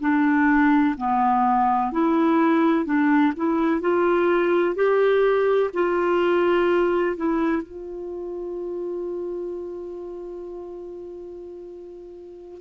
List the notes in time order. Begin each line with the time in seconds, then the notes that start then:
0.00 D4
0.97 B3
1.92 E4
2.85 D4
3.36 E4
3.81 F4
4.75 G4
5.74 F4
7.16 E4
7.62 F4